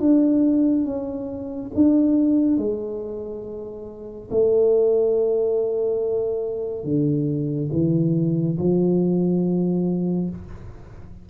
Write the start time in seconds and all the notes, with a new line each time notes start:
0.00 D4
0.86 C#4
1.75 D4
2.58 G#3
4.31 A3
6.85 D3
7.73 E3
8.59 F3